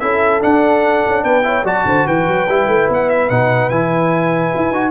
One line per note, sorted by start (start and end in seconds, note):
0.00 0.43 C#4
0.00 0.41 E4
0.00 1.25 A4
0.00 0.41 E5
0.41 1.43 D4
0.41 1.06 D4
0.41 1.24 F#5
1.07 1.24 C#4
1.24 1.64 B3
1.24 1.45 B4
1.24 1.65 G5
1.43 1.64 E4
1.43 1.65 C#5
1.64 1.84 F#3
1.64 2.48 F#4
1.64 1.86 D5
1.64 2.08 A5
1.85 2.06 D3
1.85 2.07 C5
2.07 2.28 E3
2.07 4.92 B4
2.07 2.90 G5
2.28 2.48 F#3
2.48 2.68 G3
2.48 3.30 E4
2.68 2.89 A3
2.89 3.30 B3
2.89 3.10 F#5
3.10 3.30 E5
3.30 3.70 B2
3.30 3.71 D#4
3.30 3.70 F#5
3.70 4.52 E3
3.70 4.74 E4
3.70 4.92 G#5
4.56 4.71 E4
4.71 4.92 D#4
4.71 4.92 F#4